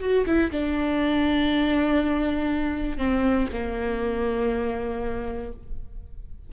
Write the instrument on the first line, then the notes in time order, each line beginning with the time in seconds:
viola
0.00 F#4
0.25 E4
0.50 D4
2.97 C4
3.52 A#3